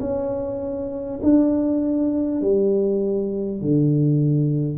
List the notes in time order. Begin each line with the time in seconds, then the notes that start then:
0.00 C#4
1.23 D4
2.41 G3
3.61 D3